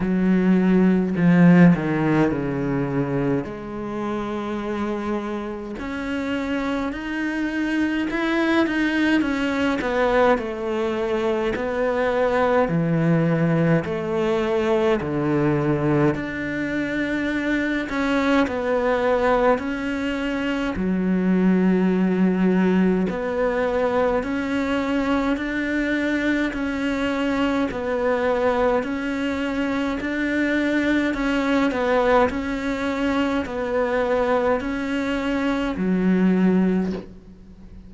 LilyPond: \new Staff \with { instrumentName = "cello" } { \time 4/4 \tempo 4 = 52 fis4 f8 dis8 cis4 gis4~ | gis4 cis'4 dis'4 e'8 dis'8 | cis'8 b8 a4 b4 e4 | a4 d4 d'4. cis'8 |
b4 cis'4 fis2 | b4 cis'4 d'4 cis'4 | b4 cis'4 d'4 cis'8 b8 | cis'4 b4 cis'4 fis4 | }